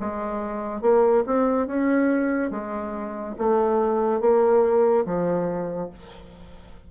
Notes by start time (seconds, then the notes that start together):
0.00 G#3
0.81 A#3
1.26 C4
1.67 C#4
2.50 G#3
3.38 A3
4.20 A#3
5.05 F3